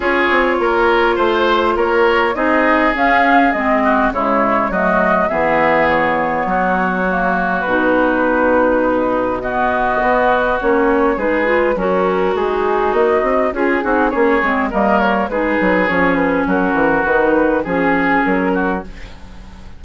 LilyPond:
<<
  \new Staff \with { instrumentName = "flute" } { \time 4/4 \tempo 4 = 102 cis''2 c''4 cis''4 | dis''4 f''4 dis''4 cis''4 | dis''4 e''4 cis''2~ | cis''4 b'2. |
dis''2 cis''4 b'4 | ais'4 gis'4 dis''4 gis'4 | cis''4 dis''8 cis''8 b'4 cis''8 b'8 | ais'4 b'4 gis'4 ais'4 | }
  \new Staff \with { instrumentName = "oboe" } { \time 4/4 gis'4 ais'4 c''4 ais'4 | gis'2~ gis'8 fis'8 e'4 | fis'4 gis'2 fis'4~ | fis'2. dis'4 |
fis'2. gis'4 | cis'4 dis'2 gis'8 fis'8 | gis'4 ais'4 gis'2 | fis'2 gis'4. fis'8 | }
  \new Staff \with { instrumentName = "clarinet" } { \time 4/4 f'1 | dis'4 cis'4 c'4 gis4 | a4 b2. | ais4 dis'2. |
b2 cis'4 dis'8 f'8 | fis'2. f'8 dis'8 | cis'8 c'8 ais4 dis'4 cis'4~ | cis'4 dis'4 cis'2 | }
  \new Staff \with { instrumentName = "bassoon" } { \time 4/4 cis'8 c'8 ais4 a4 ais4 | c'4 cis'4 gis4 cis4 | fis4 e2 fis4~ | fis4 b,2.~ |
b,4 b4 ais4 gis4 | fis4 gis4 ais8 c'8 cis'8 c'8 | ais8 gis8 g4 gis8 fis8 f4 | fis8 e8 dis4 f4 fis4 | }
>>